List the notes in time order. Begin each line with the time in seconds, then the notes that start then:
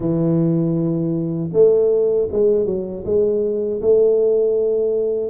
0.00 E3
1.52 A3
2.31 G#3
2.65 F#3
3.05 G#3
3.81 A3